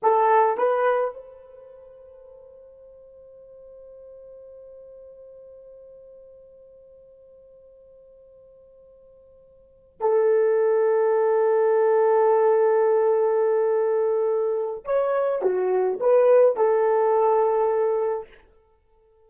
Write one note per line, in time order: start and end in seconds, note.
0.02 0.57 A4
0.57 1.14 B4
1.14 9.99 C5
10.00 14.84 A4
14.84 15.42 C#5
15.42 15.99 F#4
16.00 16.56 B4
16.56 18.28 A4